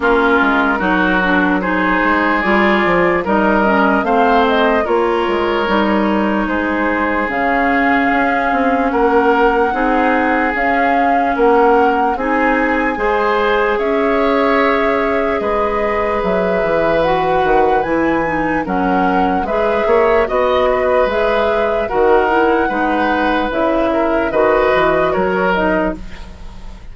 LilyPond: <<
  \new Staff \with { instrumentName = "flute" } { \time 4/4 \tempo 4 = 74 ais'2 c''4 d''4 | dis''4 f''8 dis''8 cis''2 | c''4 f''2 fis''4~ | fis''4 f''4 fis''4 gis''4~ |
gis''4 e''2 dis''4 | e''4 fis''4 gis''4 fis''4 | e''4 dis''4 e''4 fis''4~ | fis''4 e''4 dis''4 cis''8 dis''8 | }
  \new Staff \with { instrumentName = "oboe" } { \time 4/4 f'4 fis'4 gis'2 | ais'4 c''4 ais'2 | gis'2. ais'4 | gis'2 ais'4 gis'4 |
c''4 cis''2 b'4~ | b'2. ais'4 | b'8 cis''8 dis''8 b'4. ais'4 | b'4. ais'8 b'4 ais'4 | }
  \new Staff \with { instrumentName = "clarinet" } { \time 4/4 cis'4 dis'8 d'8 dis'4 f'4 | dis'8 cis'8 c'4 f'4 dis'4~ | dis'4 cis'2. | dis'4 cis'2 dis'4 |
gis'1~ | gis'4 fis'4 e'8 dis'8 cis'4 | gis'4 fis'4 gis'4 fis'8 e'8 | dis'4 e'4 fis'4. dis'8 | }
  \new Staff \with { instrumentName = "bassoon" } { \time 4/4 ais8 gis8 fis4. gis8 g8 f8 | g4 a4 ais8 gis8 g4 | gis4 cis4 cis'8 c'8 ais4 | c'4 cis'4 ais4 c'4 |
gis4 cis'2 gis4 | fis8 e4 dis8 e4 fis4 | gis8 ais8 b4 gis4 dis4 | gis4 cis4 dis8 e8 fis4 | }
>>